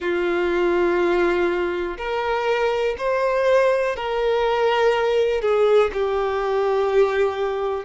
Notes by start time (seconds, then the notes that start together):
0.00 F4
1.97 A#4
2.98 C5
3.96 A#4
5.41 G#4
5.93 G4